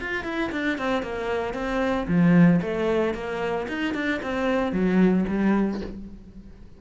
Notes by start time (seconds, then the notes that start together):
0.00 F4
0.24 E4
0.51 D4
0.78 C4
1.02 A#3
1.54 C4
2.08 F3
2.61 A3
3.14 A#3
3.68 D#4
3.94 D4
4.22 C4
4.72 F#3
5.28 G3